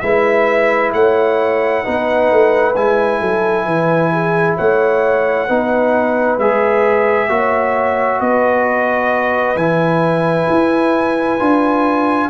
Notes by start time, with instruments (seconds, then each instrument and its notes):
0.00 tuba G#3, trombone E4, horn B4, trumpet E5
0.93 tuba A3, horn C#5, trumpet F#5
1.84 tuba B3, trombone D#4, horn B4
2.31 tuba A3
2.76 tuba G#3, trombone E4, trumpet G#5
3.20 tuba F#3, horn A4
3.65 tuba E3, horn B4
4.12 horn G#4
4.57 tuba A3, horn C#5, trumpet F#5
5.47 tuba B3, trombone D#4, horn B4
6.38 tuba G#3, trombone G#4, trumpet E5
7.29 tuba A#3, trombone F#4, horn C#5
8.20 tuba B3, horn B4, trumpet D#5
9.55 tuba E3, trombone E4, trumpet G#5
10.49 tuba E4
11.39 tuba D4, trombone F4